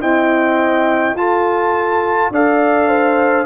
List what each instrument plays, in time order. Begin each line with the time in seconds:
0.00 trombone C4, tuba E4, horn D#5, trumpet G5
1.15 tuba F4, trombone F4, horn A4, trumpet A5
2.31 tuba D4, trombone A4, horn D5, trumpet F5
2.89 horn C5